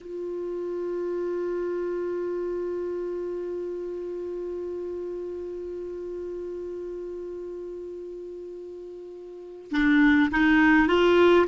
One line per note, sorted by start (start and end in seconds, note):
0.01 9.71 F4
9.71 10.30 D4
10.31 10.87 D#4
10.87 11.46 F4